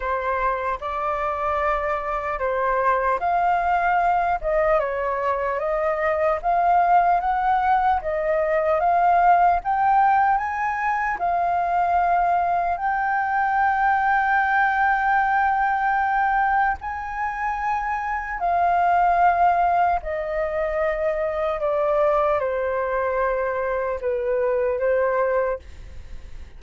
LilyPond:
\new Staff \with { instrumentName = "flute" } { \time 4/4 \tempo 4 = 75 c''4 d''2 c''4 | f''4. dis''8 cis''4 dis''4 | f''4 fis''4 dis''4 f''4 | g''4 gis''4 f''2 |
g''1~ | g''4 gis''2 f''4~ | f''4 dis''2 d''4 | c''2 b'4 c''4 | }